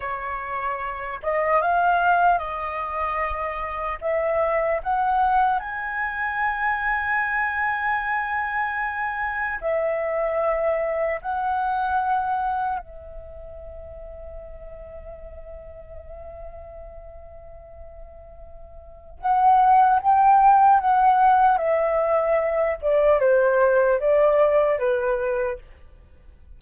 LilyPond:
\new Staff \with { instrumentName = "flute" } { \time 4/4 \tempo 4 = 75 cis''4. dis''8 f''4 dis''4~ | dis''4 e''4 fis''4 gis''4~ | gis''1 | e''2 fis''2 |
e''1~ | e''1 | fis''4 g''4 fis''4 e''4~ | e''8 d''8 c''4 d''4 b'4 | }